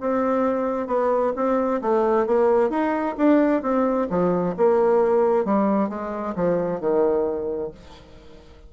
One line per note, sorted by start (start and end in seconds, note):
0.00 0.87 C4
0.87 1.32 B3
1.36 1.81 C4
1.81 2.27 A3
2.27 2.70 A#3
2.70 3.15 D#4
3.17 3.62 D4
3.62 4.07 C4
4.10 4.55 F3
4.57 5.45 A#3
5.45 5.89 G3
5.89 6.35 G#3
6.36 6.80 F3
6.80 7.71 D#3